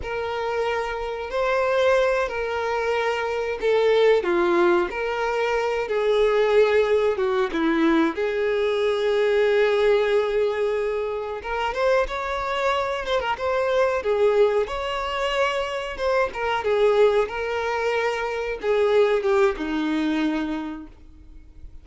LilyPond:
\new Staff \with { instrumentName = "violin" } { \time 4/4 \tempo 4 = 92 ais'2 c''4. ais'8~ | ais'4. a'4 f'4 ais'8~ | ais'4 gis'2 fis'8 e'8~ | e'8 gis'2.~ gis'8~ |
gis'4. ais'8 c''8 cis''4. | c''16 ais'16 c''4 gis'4 cis''4.~ | cis''8 c''8 ais'8 gis'4 ais'4.~ | ais'8 gis'4 g'8 dis'2 | }